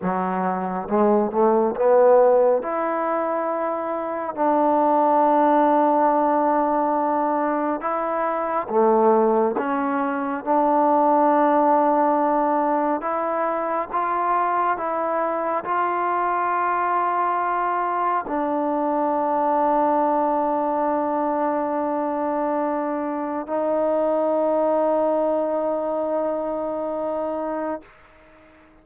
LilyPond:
\new Staff \with { instrumentName = "trombone" } { \time 4/4 \tempo 4 = 69 fis4 gis8 a8 b4 e'4~ | e'4 d'2.~ | d'4 e'4 a4 cis'4 | d'2. e'4 |
f'4 e'4 f'2~ | f'4 d'2.~ | d'2. dis'4~ | dis'1 | }